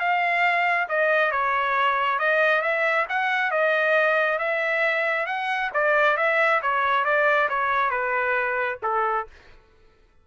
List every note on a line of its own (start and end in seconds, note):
0.00 0.88 F5
0.89 1.32 D#5
1.32 2.19 C#5
2.19 2.62 D#5
2.62 3.06 E5
3.09 3.51 F#5
3.51 4.39 D#5
4.39 5.26 E5
5.26 5.71 F#5
5.74 6.17 D5
6.17 6.61 E5
6.62 7.05 C#5
7.05 7.49 D5
7.49 7.91 C#5
7.91 8.79 B4
8.83 9.27 A4